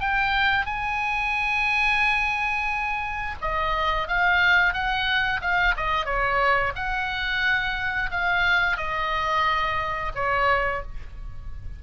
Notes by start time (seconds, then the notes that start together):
0.00 G5
0.66 G#5
3.41 D#5
4.08 F5
4.73 F#5
5.41 F5
5.77 D#5
6.05 C#5
6.75 F#5
8.11 F5
8.77 D#5
10.15 C#5